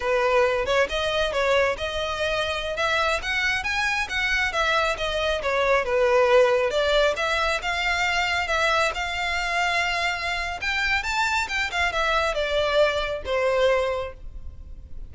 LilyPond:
\new Staff \with { instrumentName = "violin" } { \time 4/4 \tempo 4 = 136 b'4. cis''8 dis''4 cis''4 | dis''2~ dis''16 e''4 fis''8.~ | fis''16 gis''4 fis''4 e''4 dis''8.~ | dis''16 cis''4 b'2 d''8.~ |
d''16 e''4 f''2 e''8.~ | e''16 f''2.~ f''8. | g''4 a''4 g''8 f''8 e''4 | d''2 c''2 | }